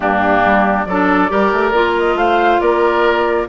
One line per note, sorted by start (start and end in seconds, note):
0.00 0.41 G2
0.00 0.85 A#3
0.00 0.87 D4
0.00 0.84 G4
0.45 0.86 G3
0.84 1.29 F#3
0.84 1.31 A4
0.84 1.93 D5
0.91 1.28 D4
1.28 1.52 G3
1.28 1.72 G4
1.28 2.18 A#4
1.52 1.71 A3
1.71 2.14 A#3
1.71 3.47 F4
1.98 2.17 D#5
2.14 2.58 A3
2.14 2.60 C5
2.14 2.60 F5
2.60 3.48 A#3
2.60 3.47 A#4
2.60 3.47 D5